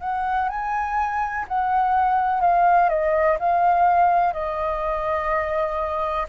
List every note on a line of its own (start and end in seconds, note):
0.00 0.48 F#5
0.48 1.45 G#5
1.47 2.40 F#5
2.40 2.89 F5
2.89 3.37 D#5
3.39 4.33 F5
4.33 6.26 D#5